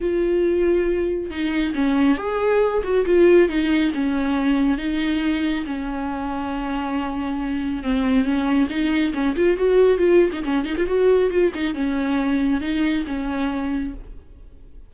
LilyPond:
\new Staff \with { instrumentName = "viola" } { \time 4/4 \tempo 4 = 138 f'2. dis'4 | cis'4 gis'4. fis'8 f'4 | dis'4 cis'2 dis'4~ | dis'4 cis'2.~ |
cis'2 c'4 cis'4 | dis'4 cis'8 f'8 fis'4 f'8. dis'16 | cis'8 dis'16 f'16 fis'4 f'8 dis'8 cis'4~ | cis'4 dis'4 cis'2 | }